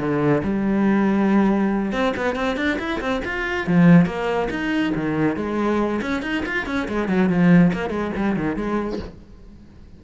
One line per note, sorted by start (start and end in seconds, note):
0.00 0.43 D3
0.44 1.93 G3
1.93 2.14 C4
2.17 2.36 B3
2.36 2.57 C4
2.57 2.79 D4
2.79 3.01 E4
3.01 3.23 C4
3.25 3.68 F4
3.68 4.06 F3
4.06 4.49 A#3
4.51 4.94 D#4
4.96 5.37 D#3
5.37 6.01 G#3
6.03 6.23 C#4
6.23 6.44 D#4
6.46 6.67 F4
6.67 6.88 C#4
6.89 7.09 G#3
7.09 7.30 F#3
7.30 7.73 F3
7.74 7.91 A#3
7.91 8.12 G#3
8.17 8.36 G3
8.36 8.57 D#3
8.57 9.00 G#3